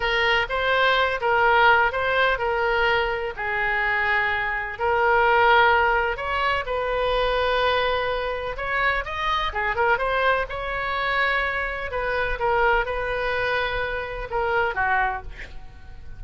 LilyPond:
\new Staff \with { instrumentName = "oboe" } { \time 4/4 \tempo 4 = 126 ais'4 c''4. ais'4. | c''4 ais'2 gis'4~ | gis'2 ais'2~ | ais'4 cis''4 b'2~ |
b'2 cis''4 dis''4 | gis'8 ais'8 c''4 cis''2~ | cis''4 b'4 ais'4 b'4~ | b'2 ais'4 fis'4 | }